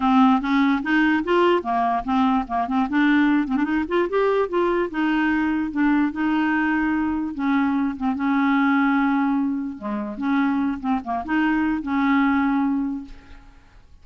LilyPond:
\new Staff \with { instrumentName = "clarinet" } { \time 4/4 \tempo 4 = 147 c'4 cis'4 dis'4 f'4 | ais4 c'4 ais8 c'8 d'4~ | d'8 c'16 d'16 dis'8 f'8 g'4 f'4 | dis'2 d'4 dis'4~ |
dis'2 cis'4. c'8 | cis'1 | gis4 cis'4. c'8 ais8 dis'8~ | dis'4 cis'2. | }